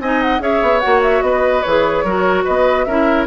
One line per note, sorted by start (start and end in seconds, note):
0.00 0.40 C4
0.00 0.40 D#4
0.00 0.43 D#5
0.00 0.22 G#5
0.22 0.42 F#5
0.40 0.61 C#4
0.40 0.81 G#4
0.40 1.24 C#5
0.40 0.80 E5
0.62 0.83 B3
0.80 1.64 F#4
0.80 1.01 F#5
0.86 1.22 A#3
1.03 1.23 E5
1.22 1.62 B3
1.22 2.05 B4
1.22 1.63 D#5
1.63 2.04 E3
1.63 2.07 G#4
1.63 2.44 C#5
2.04 2.45 F#3
2.04 2.88 F#4
2.04 2.45 A#4
2.45 2.87 B3
2.45 2.86 B4
2.45 2.84 D#5
2.84 3.28 C#4
2.84 3.28 E4
2.84 3.28 A#4
2.84 3.25 E5